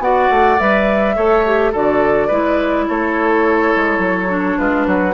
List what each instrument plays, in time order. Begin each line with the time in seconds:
0.00 bassoon B3, clarinet F#4, oboe D5, flute F#5
0.30 bassoon A3
0.59 bassoon G3, clarinet B4, flute E5
1.16 bassoon A3, clarinet A4, oboe C#5
1.46 clarinet G4
1.72 bassoon D3, clarinet F#4, oboe A4, flute D5
2.28 bassoon G#3, clarinet E4, oboe B4
2.89 bassoon A3, oboe A4, flute C#5
3.76 bassoon G#3
3.99 bassoon F#3
4.29 clarinet D4
4.59 bassoon G#3, oboe F4, flute B4
4.87 bassoon F#3, oboe F#4